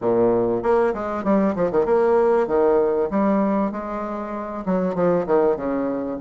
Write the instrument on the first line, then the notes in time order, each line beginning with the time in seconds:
bassoon
0.01 A#2
0.62 A#3
0.93 G#3
1.24 G3
1.55 F3
1.71 D#3
1.85 A#3
2.47 D#3
3.10 G3
3.71 G#3
4.65 F#3
4.94 F3
5.26 D#3
5.56 C#3